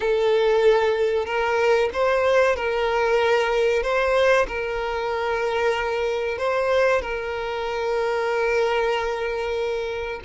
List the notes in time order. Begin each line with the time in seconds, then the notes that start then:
0.00 A4
1.25 A#4
1.93 C5
2.55 A#4
3.82 C5
4.47 A#4
6.38 C5
7.01 A#4